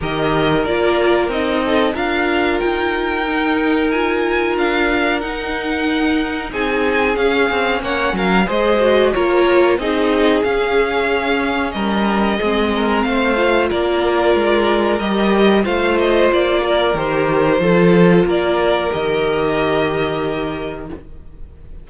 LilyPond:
<<
  \new Staff \with { instrumentName = "violin" } { \time 4/4 \tempo 4 = 92 dis''4 d''4 dis''4 f''4 | g''2 gis''4 f''4 | fis''2 gis''4 f''4 | fis''8 f''8 dis''4 cis''4 dis''4 |
f''2 dis''2 | f''4 d''2 dis''4 | f''8 dis''8 d''4 c''2 | d''4 dis''2. | }
  \new Staff \with { instrumentName = "violin" } { \time 4/4 ais'2~ ais'8 a'8 ais'4~ | ais'1~ | ais'2 gis'2 | cis''8 ais'8 c''4 ais'4 gis'4~ |
gis'2 ais'4 gis'8 ais'8 | c''4 ais'2. | c''4. ais'4. a'4 | ais'1 | }
  \new Staff \with { instrumentName = "viola" } { \time 4/4 g'4 f'4 dis'4 f'4~ | f'4 dis'4 f'2 | dis'2. cis'4~ | cis'4 gis'8 fis'8 f'4 dis'4 |
cis'2. c'4~ | c'8 f'2~ f'8 g'4 | f'2 g'4 f'4~ | f'4 g'2. | }
  \new Staff \with { instrumentName = "cello" } { \time 4/4 dis4 ais4 c'4 d'4 | dis'2. d'4 | dis'2 c'4 cis'8 c'8 | ais8 fis8 gis4 ais4 c'4 |
cis'2 g4 gis4 | a4 ais4 gis4 g4 | a4 ais4 dis4 f4 | ais4 dis2. | }
>>